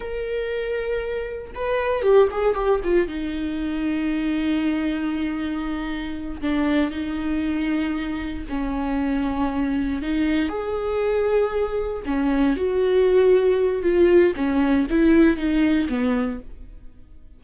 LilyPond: \new Staff \with { instrumentName = "viola" } { \time 4/4 \tempo 4 = 117 ais'2. b'4 | g'8 gis'8 g'8 f'8 dis'2~ | dis'1~ | dis'8 d'4 dis'2~ dis'8~ |
dis'8 cis'2. dis'8~ | dis'8 gis'2. cis'8~ | cis'8 fis'2~ fis'8 f'4 | cis'4 e'4 dis'4 b4 | }